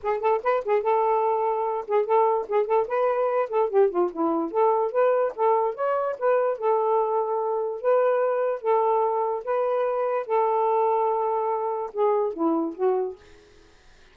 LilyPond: \new Staff \with { instrumentName = "saxophone" } { \time 4/4 \tempo 4 = 146 gis'8 a'8 b'8 gis'8 a'2~ | a'8 gis'8 a'4 gis'8 a'8 b'4~ | b'8 a'8 g'8 f'8 e'4 a'4 | b'4 a'4 cis''4 b'4 |
a'2. b'4~ | b'4 a'2 b'4~ | b'4 a'2.~ | a'4 gis'4 e'4 fis'4 | }